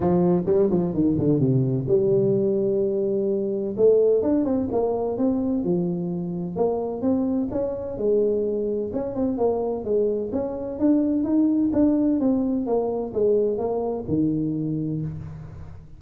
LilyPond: \new Staff \with { instrumentName = "tuba" } { \time 4/4 \tempo 4 = 128 f4 g8 f8 dis8 d8 c4 | g1 | a4 d'8 c'8 ais4 c'4 | f2 ais4 c'4 |
cis'4 gis2 cis'8 c'8 | ais4 gis4 cis'4 d'4 | dis'4 d'4 c'4 ais4 | gis4 ais4 dis2 | }